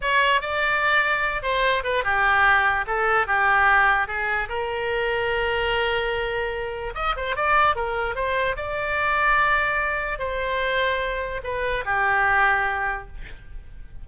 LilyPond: \new Staff \with { instrumentName = "oboe" } { \time 4/4 \tempo 4 = 147 cis''4 d''2~ d''8 c''8~ | c''8 b'8 g'2 a'4 | g'2 gis'4 ais'4~ | ais'1~ |
ais'4 dis''8 c''8 d''4 ais'4 | c''4 d''2.~ | d''4 c''2. | b'4 g'2. | }